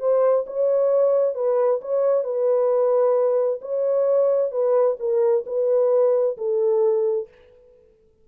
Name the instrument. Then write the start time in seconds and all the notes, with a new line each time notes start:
horn
0.00 C5
0.47 C#5
1.35 B4
1.82 C#5
2.24 B4
3.62 C#5
4.52 B4
5.00 A#4
5.46 B4
6.38 A4